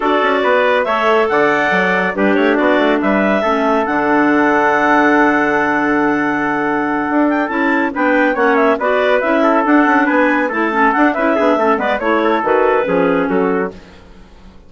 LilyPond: <<
  \new Staff \with { instrumentName = "clarinet" } { \time 4/4 \tempo 4 = 140 d''2 e''4 fis''4~ | fis''4 b'8 cis''8 d''4 e''4~ | e''4 fis''2.~ | fis''1~ |
fis''4 g''8 a''4 g''4 fis''8 | e''8 d''4 e''4 fis''4 gis''8~ | gis''8 a''4 fis''8 e''4. d''8 | cis''4 b'2 a'4 | }
  \new Staff \with { instrumentName = "trumpet" } { \time 4/4 a'4 b'4 cis''4 d''4~ | d''4 g'4 fis'4 b'4 | a'1~ | a'1~ |
a'2~ a'8 b'4 cis''8~ | cis''8 b'4. a'4. b'8~ | b'8 a'4. b'8 gis'8 a'8 b'8 | cis''8 a'4. gis'4 fis'4 | }
  \new Staff \with { instrumentName = "clarinet" } { \time 4/4 fis'2 a'2~ | a'4 d'2. | cis'4 d'2.~ | d'1~ |
d'4. e'4 d'4 cis'8~ | cis'8 fis'4 e'4 d'4.~ | d'8 e'8 cis'8 d'8 e'8 d'8 cis'8 b8 | e'4 fis'4 cis'2 | }
  \new Staff \with { instrumentName = "bassoon" } { \time 4/4 d'8 cis'8 b4 a4 d4 | fis4 g8 a8 b8 a8 g4 | a4 d2.~ | d1~ |
d8 d'4 cis'4 b4 ais8~ | ais8 b4 cis'4 d'8 cis'8 b8~ | b8 a4 d'8 cis'8 b8 a8 gis8 | a4 dis4 f4 fis4 | }
>>